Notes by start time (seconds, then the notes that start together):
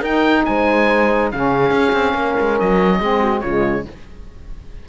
0.00 D#4 A#4 G5
0.44 G#3 C5 G#5
1.31 C#3 C#4 G#4 F5
1.70 C#4
1.92 C4
2.13 A#3 A#4
2.40 G#3
2.59 F#3 D#5
2.99 G#3 C4 G#4
3.20 F#4
3.40 C#3 G#3 F4 C#5